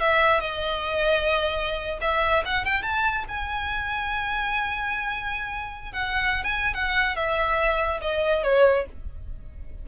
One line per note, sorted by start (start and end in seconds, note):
0.00 0.40 E5
0.40 1.99 D#5
2.01 2.44 E5
2.45 2.65 F#5
2.65 2.82 G5
2.82 3.25 A5
3.29 5.92 G#5
5.92 6.44 F#5
6.44 6.74 G#5
6.74 7.16 F#5
7.16 8.01 E5
8.01 8.43 D#5
8.43 8.85 C#5